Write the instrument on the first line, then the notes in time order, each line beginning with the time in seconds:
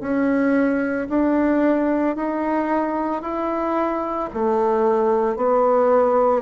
bassoon
0.00 C#4
1.09 D4
2.16 D#4
3.22 E4
4.33 A3
5.36 B3